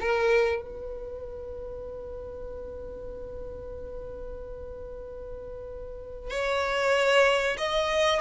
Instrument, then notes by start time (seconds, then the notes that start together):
violin
0.00 A#4
0.62 B4
6.30 C#5
7.57 D#5